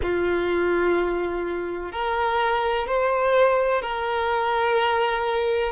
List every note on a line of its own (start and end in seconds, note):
0.02 1.91 F4
1.91 2.87 A#4
2.87 3.81 C5
3.81 5.72 A#4